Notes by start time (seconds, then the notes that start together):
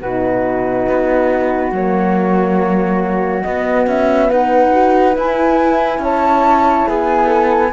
0.00 B2 D#4 F#4 B4
0.89 B3
1.72 F#3 A#3 C#5
3.42 B3 D#5
3.87 C#4 E5
4.29 D#4 B4 F#5
4.72 F#4
5.17 E4 G#5
5.98 C#4 C#5 A5
6.87 B3 G#4 G#5
7.27 A4